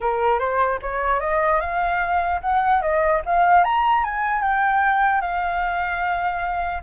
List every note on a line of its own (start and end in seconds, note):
0.00 0.39 A#4
0.39 0.79 C5
0.82 1.20 C#5
1.20 1.60 D#5
1.60 2.40 F5
2.41 2.81 F#5
2.81 3.21 D#5
3.25 3.64 F5
3.64 4.04 A#5
4.04 4.41 G#5
4.41 5.21 G5
5.21 6.82 F5